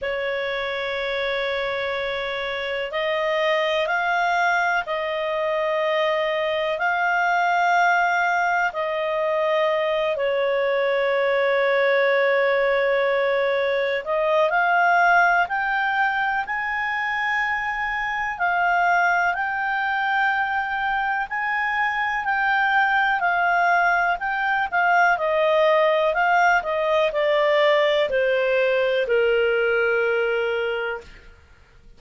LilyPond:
\new Staff \with { instrumentName = "clarinet" } { \time 4/4 \tempo 4 = 62 cis''2. dis''4 | f''4 dis''2 f''4~ | f''4 dis''4. cis''4.~ | cis''2~ cis''8 dis''8 f''4 |
g''4 gis''2 f''4 | g''2 gis''4 g''4 | f''4 g''8 f''8 dis''4 f''8 dis''8 | d''4 c''4 ais'2 | }